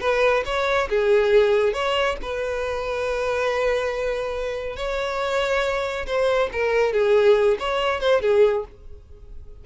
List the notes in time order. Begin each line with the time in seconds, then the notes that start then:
0.00 B4
0.45 C#5
0.89 G#4
1.73 C#5
2.22 B4
4.76 C#5
6.06 C5
6.52 A#4
6.92 G#4
7.59 C#5
8.00 C5
8.21 G#4